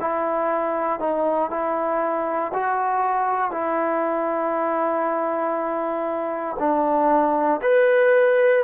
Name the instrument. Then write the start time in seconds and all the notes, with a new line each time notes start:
trombone
0.00 E4
0.99 D#4
1.50 E4
2.53 F#4
3.51 E4
6.59 D4
7.61 B4